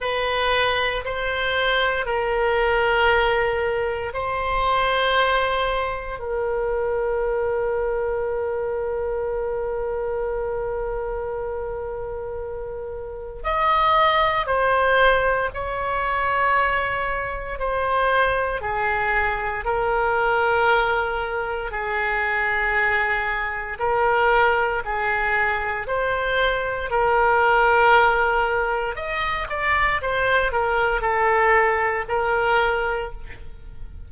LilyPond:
\new Staff \with { instrumentName = "oboe" } { \time 4/4 \tempo 4 = 58 b'4 c''4 ais'2 | c''2 ais'2~ | ais'1~ | ais'4 dis''4 c''4 cis''4~ |
cis''4 c''4 gis'4 ais'4~ | ais'4 gis'2 ais'4 | gis'4 c''4 ais'2 | dis''8 d''8 c''8 ais'8 a'4 ais'4 | }